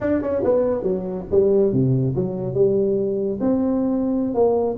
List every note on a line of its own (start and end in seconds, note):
0.00 0.21 D4
0.21 0.43 C#4
0.44 0.82 B3
0.82 1.25 F#3
1.31 1.72 G3
1.72 2.15 C3
2.15 2.54 F#3
2.54 3.39 G3
3.40 4.34 C4
4.34 4.76 A#3